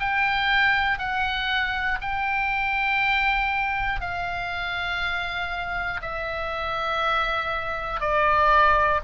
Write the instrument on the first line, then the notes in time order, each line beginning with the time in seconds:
oboe
0.00 G5
0.99 F#5
2.01 G5
4.01 F5
6.02 E5
8.01 D5